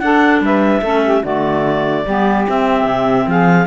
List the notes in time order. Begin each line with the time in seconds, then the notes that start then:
0.00 D4 A4 F#5
0.41 G3 B4 E5
0.82 A3 C#4 A4
1.05 G4
1.23 D3 A3 F#4 D5
2.06 G3 B3 G4
2.49 C4 E5
2.86 C3
3.27 F3 G#4 F5